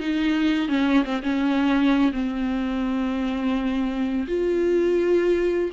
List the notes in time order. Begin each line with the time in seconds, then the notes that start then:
0.00 D#4
0.68 C#4
1.04 C4
1.22 C#4
2.12 C4
4.27 F4